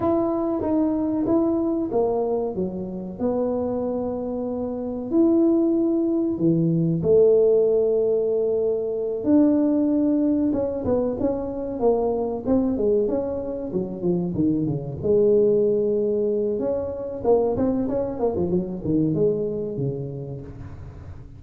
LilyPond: \new Staff \with { instrumentName = "tuba" } { \time 4/4 \tempo 4 = 94 e'4 dis'4 e'4 ais4 | fis4 b2. | e'2 e4 a4~ | a2~ a8 d'4.~ |
d'8 cis'8 b8 cis'4 ais4 c'8 | gis8 cis'4 fis8 f8 dis8 cis8 gis8~ | gis2 cis'4 ais8 c'8 | cis'8 ais16 f16 fis8 dis8 gis4 cis4 | }